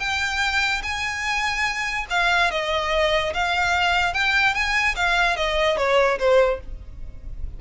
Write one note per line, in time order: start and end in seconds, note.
0.00 0.82 G5
0.83 2.06 G#5
2.10 2.51 F5
2.51 3.33 D#5
3.34 4.14 F5
4.14 4.54 G5
4.54 4.96 G#5
4.96 5.36 F5
5.36 5.78 D#5
5.78 6.19 C#5
6.19 6.60 C5